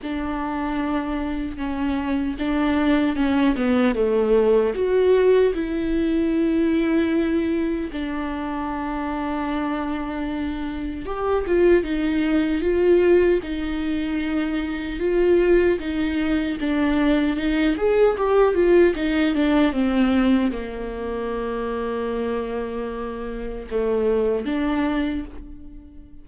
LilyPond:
\new Staff \with { instrumentName = "viola" } { \time 4/4 \tempo 4 = 76 d'2 cis'4 d'4 | cis'8 b8 a4 fis'4 e'4~ | e'2 d'2~ | d'2 g'8 f'8 dis'4 |
f'4 dis'2 f'4 | dis'4 d'4 dis'8 gis'8 g'8 f'8 | dis'8 d'8 c'4 ais2~ | ais2 a4 d'4 | }